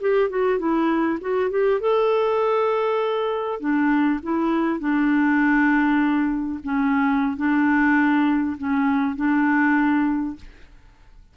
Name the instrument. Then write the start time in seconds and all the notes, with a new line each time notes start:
clarinet
0.00 G4
0.29 F#4
0.58 E4
1.21 F#4
1.50 G4
1.80 A4
3.60 D4
4.22 E4
4.79 D4
6.63 C#4
7.36 D4
8.57 C#4
9.16 D4